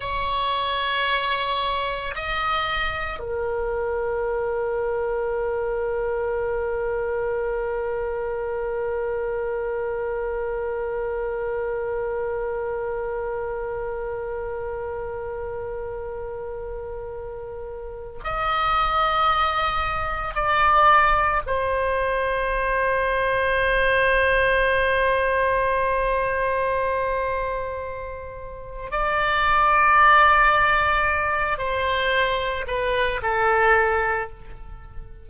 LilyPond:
\new Staff \with { instrumentName = "oboe" } { \time 4/4 \tempo 4 = 56 cis''2 dis''4 ais'4~ | ais'1~ | ais'1~ | ais'1~ |
ais'4 dis''2 d''4 | c''1~ | c''2. d''4~ | d''4. c''4 b'8 a'4 | }